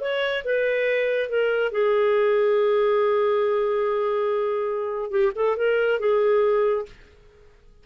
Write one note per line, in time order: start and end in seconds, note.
0.00 0.43 C#5
0.44 1.29 B4
1.29 1.71 A#4
1.71 5.10 G#4
5.10 5.32 G4
5.35 5.56 A4
5.57 5.99 A#4
5.99 6.85 G#4